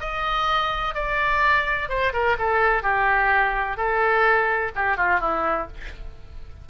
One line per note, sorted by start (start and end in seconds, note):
0.00 0.94 D#5
0.94 1.89 D5
1.89 2.12 C5
2.13 2.36 A#4
2.39 2.82 A4
2.82 3.77 G4
3.77 4.71 A4
4.75 4.97 G4
4.97 5.20 F4
5.20 5.67 E4